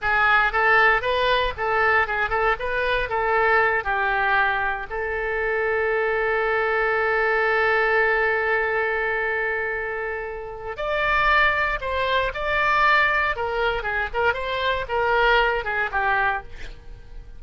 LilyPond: \new Staff \with { instrumentName = "oboe" } { \time 4/4 \tempo 4 = 117 gis'4 a'4 b'4 a'4 | gis'8 a'8 b'4 a'4. g'8~ | g'4. a'2~ a'8~ | a'1~ |
a'1~ | a'4 d''2 c''4 | d''2 ais'4 gis'8 ais'8 | c''4 ais'4. gis'8 g'4 | }